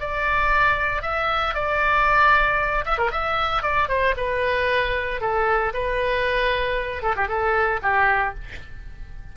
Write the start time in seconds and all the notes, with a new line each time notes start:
0.00 D5
1.02 E5
1.54 D5
2.85 E5
2.98 A#4
3.11 E5
3.62 D5
3.88 C5
4.17 B4
5.21 A4
5.73 B4
7.02 A4
7.16 G4
7.28 A4
7.82 G4